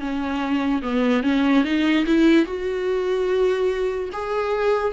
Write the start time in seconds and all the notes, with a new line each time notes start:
0.00 C#4
0.83 B3
1.23 C#4
1.64 D#4
2.06 E4
2.46 F#4
4.13 G#4